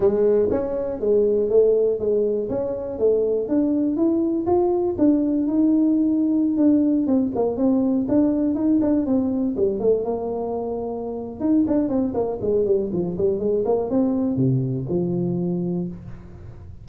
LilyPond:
\new Staff \with { instrumentName = "tuba" } { \time 4/4 \tempo 4 = 121 gis4 cis'4 gis4 a4 | gis4 cis'4 a4 d'4 | e'4 f'4 d'4 dis'4~ | dis'4~ dis'16 d'4 c'8 ais8 c'8.~ |
c'16 d'4 dis'8 d'8 c'4 g8 a16~ | a16 ais2~ ais8. dis'8 d'8 | c'8 ais8 gis8 g8 f8 g8 gis8 ais8 | c'4 c4 f2 | }